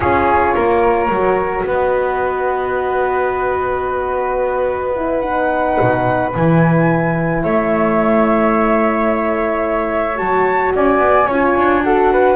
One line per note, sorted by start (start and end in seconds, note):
0.00 0.54 C#4
0.00 1.10 F4
0.00 0.53 G#4
0.00 1.64 C#5
0.54 1.08 A#3
0.54 1.64 A#4
1.08 1.64 F#3
1.08 4.96 F#4
1.64 5.78 B3
1.64 7.43 B4
1.64 5.19 D#5
4.96 5.22 E4
5.19 6.32 D#4
5.19 6.29 F#5
5.80 6.35 B2
6.33 7.44 E3
6.33 10.15 E4
6.33 7.42 G#5
7.42 10.19 A3
7.42 10.73 C#5
7.42 10.17 E5
10.15 10.74 F#3
10.15 11.25 F#4
10.15 10.72 A5
10.74 10.98 C#4
10.74 11.27 D5
10.74 11.84 G#5
10.98 11.25 B3
11.27 11.55 C#4
11.27 11.82 F4
11.27 11.82 C#5
11.56 12.36 D4
11.82 12.36 F#4
11.82 12.12 A4
11.82 12.36 F#5
12.12 12.36 B4